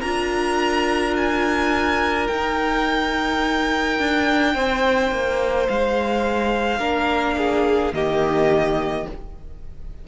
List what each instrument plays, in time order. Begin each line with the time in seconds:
0.00 cello D4, viola F4, violin A#4 A#5
1.17 violin G#5
2.27 viola D#4, cello D#4, violin G5
3.99 cello D4
4.53 cello C4, violin C5
5.11 cello A#3
5.68 cello G#3, violin F5
6.79 cello A#3, viola D4, violin A#4
7.37 violin G#4
7.93 cello D#3, viola A#3, violin G4 D#5